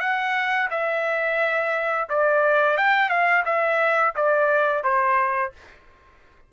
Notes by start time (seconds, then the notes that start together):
0.00 F#5
0.71 E5
2.09 D5
2.77 G5
3.09 F5
3.45 E5
4.16 D5
4.84 C5